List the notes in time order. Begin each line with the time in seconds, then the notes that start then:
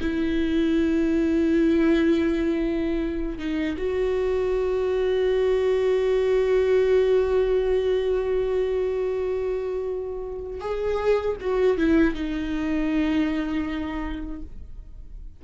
0.00 E4
3.38 D#4
3.77 F#4
10.60 G#4
11.40 F#4
11.77 E4
12.14 D#4